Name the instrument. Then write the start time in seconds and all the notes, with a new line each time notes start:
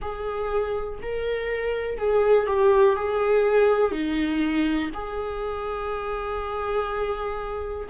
viola
0.01 G#4
1.01 A#4
1.98 G#4
2.46 G4
2.96 G#4
3.91 D#4
4.94 G#4